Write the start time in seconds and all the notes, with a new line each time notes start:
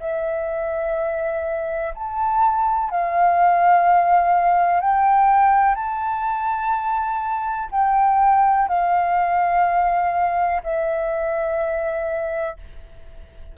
0.00 E5
1.94 A5
2.90 F5
4.81 G5
5.75 A5
7.72 G5
8.68 F5
10.63 E5